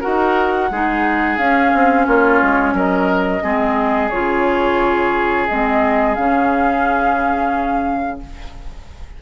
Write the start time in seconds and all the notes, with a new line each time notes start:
0.00 D#4 F#4 A#4 F#5
0.70 G#3 D#4 G#4
1.37 C#4 F5
1.74 C4
2.06 A#3 F4 C#5
2.42 G#3
2.73 F#3 A#4 D#5
3.42 G#3 C4 G#4
4.09 C#3 F4 C#5
5.47 G#3 C4 D#5
6.14 C#3 C#4 F5